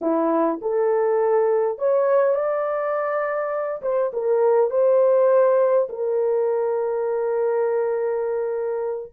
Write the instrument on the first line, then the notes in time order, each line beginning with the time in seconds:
horn
0.01 E4
0.61 A4
1.78 C#5
2.34 D5
3.82 C5
4.13 A#4
4.70 C5
5.89 A#4